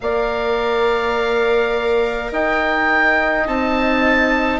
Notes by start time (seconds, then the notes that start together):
0.00 A#3 A#4 D5 F5
2.31 D#4 D#5 G5
3.45 C4 D#4 A5